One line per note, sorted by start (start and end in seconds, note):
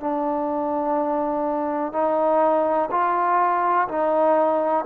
0.00 1.92 D4
1.92 2.89 D#4
2.91 3.88 F4
3.88 4.85 D#4